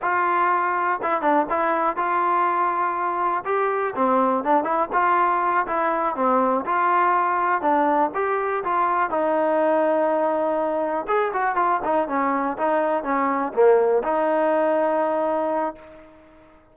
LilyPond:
\new Staff \with { instrumentName = "trombone" } { \time 4/4 \tempo 4 = 122 f'2 e'8 d'8 e'4 | f'2. g'4 | c'4 d'8 e'8 f'4. e'8~ | e'8 c'4 f'2 d'8~ |
d'8 g'4 f'4 dis'4.~ | dis'2~ dis'8 gis'8 fis'8 f'8 | dis'8 cis'4 dis'4 cis'4 ais8~ | ais8 dis'2.~ dis'8 | }